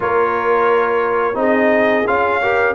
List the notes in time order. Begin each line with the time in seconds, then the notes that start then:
0.00 A#3 F4 A#4 C#5
1.34 C4 D#4 G#4
1.40 D#5
2.06 C#4 F4 F5
2.42 G4 A#4